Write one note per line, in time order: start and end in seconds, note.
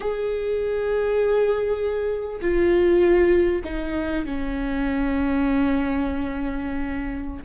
0.00 2.40 G#4
2.41 3.62 F4
3.64 4.25 D#4
4.25 7.43 C#4